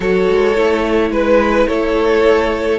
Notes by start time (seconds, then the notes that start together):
0.00 F#3 F#4 A4 C#5
0.28 G#3
0.55 A3 E4
1.10 G#3 B4
1.67 A3 A4 C#5